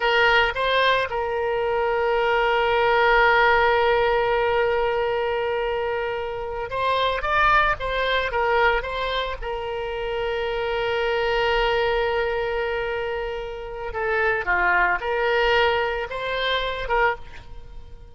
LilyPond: \new Staff \with { instrumentName = "oboe" } { \time 4/4 \tempo 4 = 112 ais'4 c''4 ais'2~ | ais'1~ | ais'1~ | ais'8 c''4 d''4 c''4 ais'8~ |
ais'8 c''4 ais'2~ ais'8~ | ais'1~ | ais'2 a'4 f'4 | ais'2 c''4. ais'8 | }